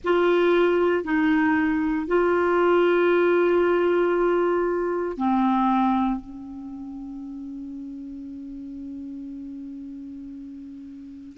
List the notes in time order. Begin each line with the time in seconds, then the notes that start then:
0.03 F4
1.03 D#4
2.07 F4
5.17 C4
6.20 C#4